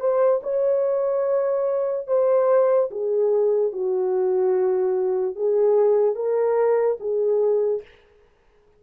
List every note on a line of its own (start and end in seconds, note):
0.00 0.41 C5
0.43 2.07 C#5
2.07 2.90 C5
2.91 3.72 G#4
3.72 5.36 F#4
5.36 6.15 G#4
6.15 6.98 A#4
7.00 7.82 G#4